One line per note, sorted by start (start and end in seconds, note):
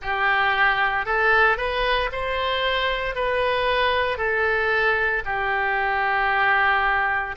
0.01 1.05 G4
1.05 1.57 A4
1.57 2.10 B4
2.11 3.15 C5
3.15 4.17 B4
4.17 5.22 A4
5.25 7.35 G4